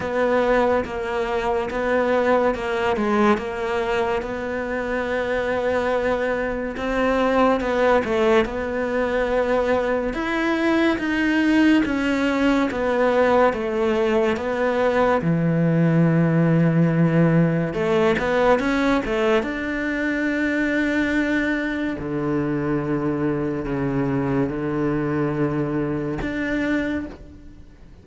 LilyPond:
\new Staff \with { instrumentName = "cello" } { \time 4/4 \tempo 4 = 71 b4 ais4 b4 ais8 gis8 | ais4 b2. | c'4 b8 a8 b2 | e'4 dis'4 cis'4 b4 |
a4 b4 e2~ | e4 a8 b8 cis'8 a8 d'4~ | d'2 d2 | cis4 d2 d'4 | }